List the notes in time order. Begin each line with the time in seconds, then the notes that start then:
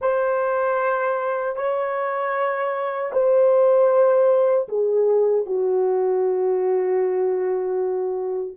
0.01 C5
1.55 C#5
3.12 C5
4.68 G#4
5.45 F#4